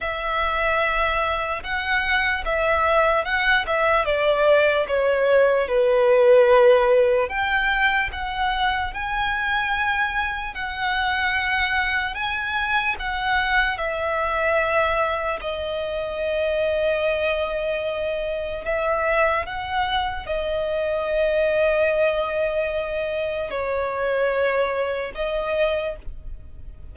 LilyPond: \new Staff \with { instrumentName = "violin" } { \time 4/4 \tempo 4 = 74 e''2 fis''4 e''4 | fis''8 e''8 d''4 cis''4 b'4~ | b'4 g''4 fis''4 gis''4~ | gis''4 fis''2 gis''4 |
fis''4 e''2 dis''4~ | dis''2. e''4 | fis''4 dis''2.~ | dis''4 cis''2 dis''4 | }